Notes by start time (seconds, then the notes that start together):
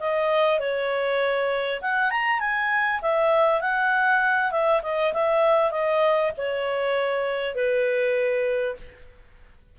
0.00 D#5
0.60 C#5
1.82 F#5
2.11 A#5
2.40 G#5
3.02 E5
3.61 F#5
4.52 E5
4.83 D#5
5.13 E5
5.71 D#5
6.38 C#5
7.55 B4